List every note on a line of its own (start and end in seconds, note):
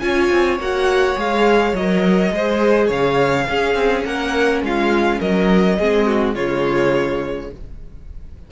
0.00 0.30 C#4
0.00 0.59 F4
0.00 2.33 C#5
0.00 0.58 G#5
0.31 0.58 C4
0.58 1.16 A#3
0.58 1.16 F#4
0.58 1.19 F#5
1.16 1.73 G#3
1.16 1.73 G#4
1.16 1.75 F5
1.73 2.31 F#3
1.73 2.33 A#4
1.73 2.91 D#5
2.32 2.90 G#3
2.32 3.48 G#4
2.32 2.87 C5
2.87 3.47 C#3
2.87 3.45 C#5
2.87 4.05 F5
3.48 3.75 C#4
3.48 5.81 C#4
3.48 4.06 G#4
3.75 4.04 C4
4.05 4.62 A#3
4.05 4.64 A#4
4.05 4.62 F#5
4.62 5.20 G#3
4.62 5.19 F4
4.62 5.21 F5
5.19 5.79 F#3
5.19 5.77 A#4
5.19 6.35 D#5
5.79 6.36 G#3
5.79 6.36 C4
5.79 6.07 G#4
6.07 6.35 F#4
6.35 7.51 C#3
6.35 7.52 G#3
6.35 7.50 F4
6.35 7.51 C#5